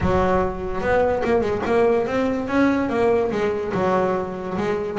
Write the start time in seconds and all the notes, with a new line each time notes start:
0.00 F#3
0.81 B3
1.24 A#3
1.41 G#3
1.65 A#3
2.06 C4
2.48 C#4
2.89 A#3
3.31 G#3
3.74 F#3
4.57 G#3